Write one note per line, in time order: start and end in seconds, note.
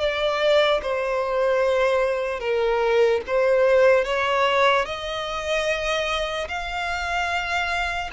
0.00 0.81 D5
0.83 2.40 C5
2.40 3.21 A#4
3.27 4.05 C5
4.05 4.86 C#5
4.86 6.48 D#5
6.48 8.10 F5